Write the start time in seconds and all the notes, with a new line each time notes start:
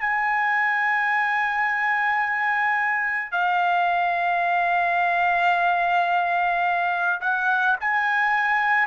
0.00 G#5
3.32 F5
7.21 F#5
7.81 G#5